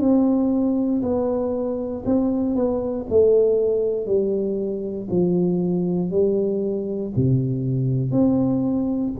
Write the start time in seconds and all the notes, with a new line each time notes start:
0.00 C4
1.02 B3
2.05 C4
2.55 B3
3.09 A3
4.06 G3
5.10 F3
6.11 G3
7.16 C3
8.11 C4